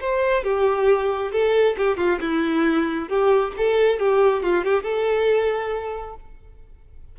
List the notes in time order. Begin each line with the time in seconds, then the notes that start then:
0.00 C5
0.43 G4
1.32 A4
1.77 G4
1.97 F4
2.21 E4
3.08 G4
3.57 A4
3.99 G4
4.42 F4
4.64 G4
4.83 A4